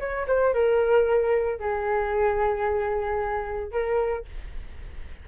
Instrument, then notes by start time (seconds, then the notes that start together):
flute
0.00 C#5
0.28 C5
0.54 A#4
1.60 G#4
3.72 A#4